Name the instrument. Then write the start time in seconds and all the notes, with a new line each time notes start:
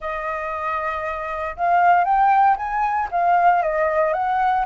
flute
0.00 D#5
1.56 F5
2.04 G5
2.57 G#5
3.11 F5
3.62 D#5
4.13 F#5